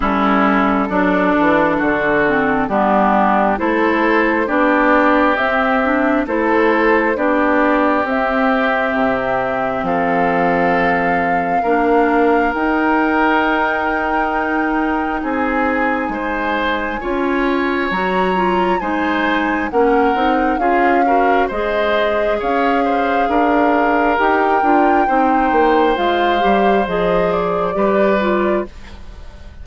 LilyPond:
<<
  \new Staff \with { instrumentName = "flute" } { \time 4/4 \tempo 4 = 67 a'2. g'4 | c''4 d''4 e''4 c''4 | d''4 e''2 f''4~ | f''2 g''2~ |
g''4 gis''2. | ais''4 gis''4 fis''4 f''4 | dis''4 f''2 g''4~ | g''4 f''4 dis''8 d''4. | }
  \new Staff \with { instrumentName = "oboe" } { \time 4/4 e'4 d'4 fis'4 d'4 | a'4 g'2 a'4 | g'2. a'4~ | a'4 ais'2.~ |
ais'4 gis'4 c''4 cis''4~ | cis''4 c''4 ais'4 gis'8 ais'8 | c''4 cis''8 c''8 ais'2 | c''2. b'4 | }
  \new Staff \with { instrumentName = "clarinet" } { \time 4/4 cis'4 d'4. c'8 b4 | e'4 d'4 c'8 d'8 e'4 | d'4 c'2.~ | c'4 d'4 dis'2~ |
dis'2. f'4 | fis'8 f'8 dis'4 cis'8 dis'8 f'8 fis'8 | gis'2. g'8 f'8 | dis'4 f'8 g'8 gis'4 g'8 f'8 | }
  \new Staff \with { instrumentName = "bassoon" } { \time 4/4 g4 fis8 e8 d4 g4 | a4 b4 c'4 a4 | b4 c'4 c4 f4~ | f4 ais4 dis'2~ |
dis'4 c'4 gis4 cis'4 | fis4 gis4 ais8 c'8 cis'4 | gis4 cis'4 d'4 dis'8 d'8 | c'8 ais8 gis8 g8 f4 g4 | }
>>